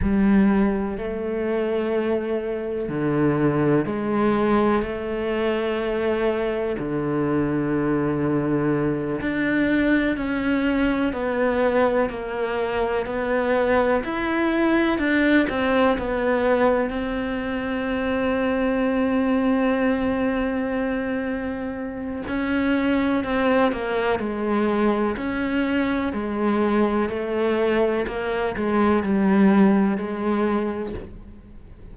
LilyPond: \new Staff \with { instrumentName = "cello" } { \time 4/4 \tempo 4 = 62 g4 a2 d4 | gis4 a2 d4~ | d4. d'4 cis'4 b8~ | b8 ais4 b4 e'4 d'8 |
c'8 b4 c'2~ c'8~ | c'2. cis'4 | c'8 ais8 gis4 cis'4 gis4 | a4 ais8 gis8 g4 gis4 | }